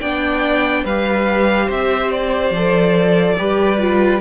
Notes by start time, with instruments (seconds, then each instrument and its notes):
0.00 cello B3, viola D4, violin D5 G5
0.84 cello G3, viola G4, violin B4 F5
1.66 cello C4, violin C5 E5
2.11 violin D5
2.51 cello F3, viola A4
3.38 cello G3, viola G4, violin B4
3.79 viola F4